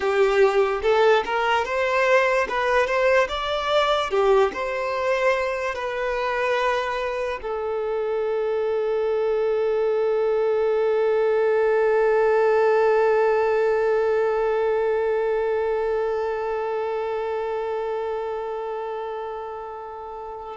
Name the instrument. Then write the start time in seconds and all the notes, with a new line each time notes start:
violin
0.00 G4
0.82 A4
1.25 A#4
1.64 C5
2.48 B4
2.86 C5
3.28 D5
4.10 G4
4.53 C5
5.74 B4
7.42 A4